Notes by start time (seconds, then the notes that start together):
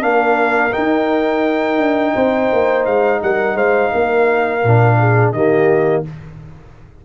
0.00 A#3 D4 A#4 F5
0.72 D#4 G5
1.78 D4
2.14 C4 C5
2.53 A#3
2.85 G#3 F5
3.23 G3 A#4 F#5
3.54 G#3 C5 F5
3.92 A#3 A#4
4.63 A#2 D4
4.99 G#4
5.32 D#3 A#3 G4 D#5